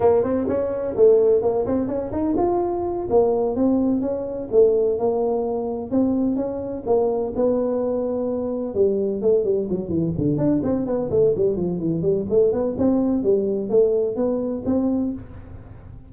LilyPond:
\new Staff \with { instrumentName = "tuba" } { \time 4/4 \tempo 4 = 127 ais8 c'8 cis'4 a4 ais8 c'8 | cis'8 dis'8 f'4. ais4 c'8~ | c'8 cis'4 a4 ais4.~ | ais8 c'4 cis'4 ais4 b8~ |
b2~ b8 g4 a8 | g8 fis8 e8 d8 d'8 c'8 b8 a8 | g8 f8 e8 g8 a8 b8 c'4 | g4 a4 b4 c'4 | }